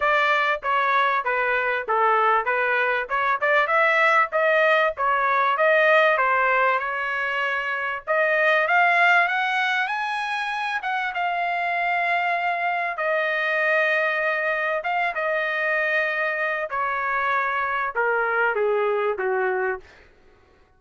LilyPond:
\new Staff \with { instrumentName = "trumpet" } { \time 4/4 \tempo 4 = 97 d''4 cis''4 b'4 a'4 | b'4 cis''8 d''8 e''4 dis''4 | cis''4 dis''4 c''4 cis''4~ | cis''4 dis''4 f''4 fis''4 |
gis''4. fis''8 f''2~ | f''4 dis''2. | f''8 dis''2~ dis''8 cis''4~ | cis''4 ais'4 gis'4 fis'4 | }